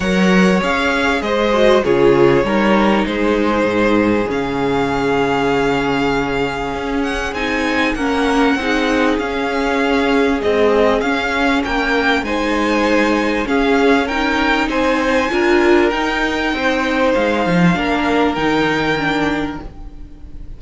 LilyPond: <<
  \new Staff \with { instrumentName = "violin" } { \time 4/4 \tempo 4 = 98 fis''4 f''4 dis''4 cis''4~ | cis''4 c''2 f''4~ | f''2.~ f''8 fis''8 | gis''4 fis''2 f''4~ |
f''4 dis''4 f''4 g''4 | gis''2 f''4 g''4 | gis''2 g''2 | f''2 g''2 | }
  \new Staff \with { instrumentName = "violin" } { \time 4/4 cis''2 c''4 gis'4 | ais'4 gis'2.~ | gis'1~ | gis'4 ais'4 gis'2~ |
gis'2. ais'4 | c''2 gis'4 ais'4 | c''4 ais'2 c''4~ | c''4 ais'2. | }
  \new Staff \with { instrumentName = "viola" } { \time 4/4 ais'4 gis'4. fis'8 f'4 | dis'2. cis'4~ | cis'1 | dis'4 cis'4 dis'4 cis'4~ |
cis'4 gis4 cis'2 | dis'2 cis'4 dis'4~ | dis'4 f'4 dis'2~ | dis'4 d'4 dis'4 d'4 | }
  \new Staff \with { instrumentName = "cello" } { \time 4/4 fis4 cis'4 gis4 cis4 | g4 gis4 gis,4 cis4~ | cis2. cis'4 | c'4 ais4 c'4 cis'4~ |
cis'4 c'4 cis'4 ais4 | gis2 cis'2 | c'4 d'4 dis'4 c'4 | gis8 f8 ais4 dis2 | }
>>